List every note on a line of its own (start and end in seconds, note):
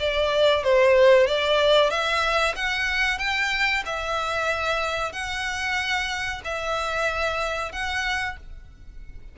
0.00 0.64 D5
0.64 1.27 C5
1.27 1.90 D5
1.90 2.55 E5
2.56 3.19 F#5
3.19 3.83 G5
3.86 5.13 E5
5.13 6.42 F#5
6.45 7.72 E5
7.72 8.37 F#5